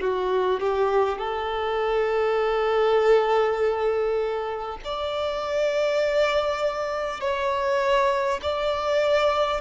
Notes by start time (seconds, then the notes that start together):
0.00 F#4
0.60 G4
1.17 A4
4.84 D5
7.20 C#5
8.42 D5